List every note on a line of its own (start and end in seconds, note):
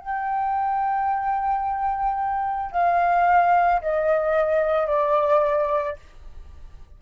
0.00 2.72 G5
2.72 3.81 F5
3.82 4.87 D#5
4.87 5.97 D5